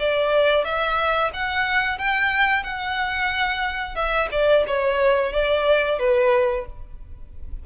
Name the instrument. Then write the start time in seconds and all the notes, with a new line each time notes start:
violin
0.00 D5
0.65 E5
1.34 F#5
1.98 G5
2.64 F#5
3.96 E5
4.32 D5
4.67 C#5
5.33 D5
5.99 B4